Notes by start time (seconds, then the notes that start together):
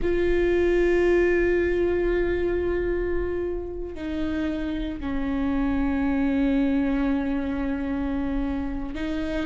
0.01 F4
3.94 D#4
5.00 C#4
8.94 D#4